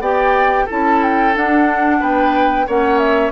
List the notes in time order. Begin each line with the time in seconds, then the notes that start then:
0.00 B3 G4 D5 G5
0.65 C#4 E4 A4 A5
1.03 G5
1.34 D4 F#5
2.00 B3 B4 G5
2.67 A#3 C#4 C#5 F#5
2.99 E5